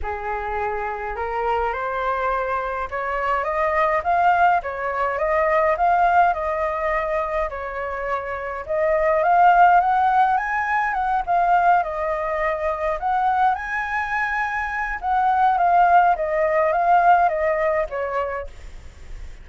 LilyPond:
\new Staff \with { instrumentName = "flute" } { \time 4/4 \tempo 4 = 104 gis'2 ais'4 c''4~ | c''4 cis''4 dis''4 f''4 | cis''4 dis''4 f''4 dis''4~ | dis''4 cis''2 dis''4 |
f''4 fis''4 gis''4 fis''8 f''8~ | f''8 dis''2 fis''4 gis''8~ | gis''2 fis''4 f''4 | dis''4 f''4 dis''4 cis''4 | }